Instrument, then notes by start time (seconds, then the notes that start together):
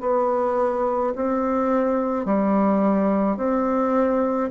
bassoon
0.00 B3
1.16 C4
2.25 G3
3.37 C4